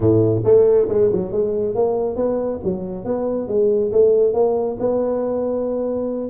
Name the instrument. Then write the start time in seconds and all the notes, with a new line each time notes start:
tuba
0.00 A2
0.44 A3
0.88 G#3
1.12 F#3
1.32 G#3
1.74 A#3
2.16 B3
2.64 F#3
3.04 B3
3.48 G#3
3.92 A3
4.33 A#3
4.79 B3